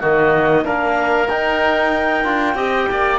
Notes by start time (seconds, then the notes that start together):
0.00 D#3 A#3 F#4 D#5
0.63 A#3 D4 A#4 F5
1.29 D#4 G5
2.24 D4 F4
2.55 C4 G4 D#5
2.91 A#3 D5